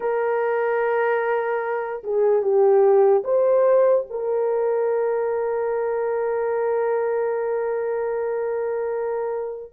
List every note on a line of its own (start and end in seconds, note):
0.00 2.02 A#4
2.03 2.42 G#4
2.42 3.23 G4
3.24 4.05 C5
4.09 9.72 A#4